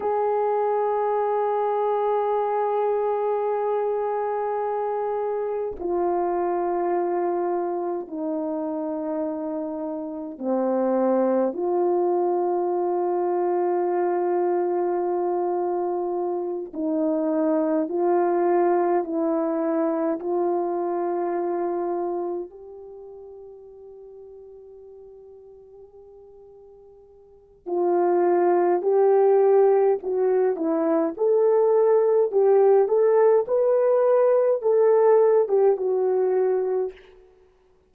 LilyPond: \new Staff \with { instrumentName = "horn" } { \time 4/4 \tempo 4 = 52 gis'1~ | gis'4 f'2 dis'4~ | dis'4 c'4 f'2~ | f'2~ f'8 dis'4 f'8~ |
f'8 e'4 f'2 g'8~ | g'1 | f'4 g'4 fis'8 e'8 a'4 | g'8 a'8 b'4 a'8. g'16 fis'4 | }